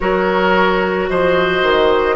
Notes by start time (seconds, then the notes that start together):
0.00 F#3 F#4 A#4 C#5
1.09 F3 C5 D#5
1.62 D#3